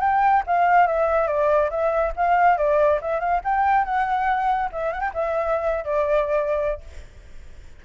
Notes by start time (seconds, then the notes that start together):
0.00 G5
0.46 F5
0.87 E5
1.27 D5
1.70 E5
2.16 F5
2.57 D5
3.01 E5
3.19 F5
3.44 G5
3.84 F#5
4.72 E5
4.92 F#5
5.00 G5
5.14 E5
5.84 D5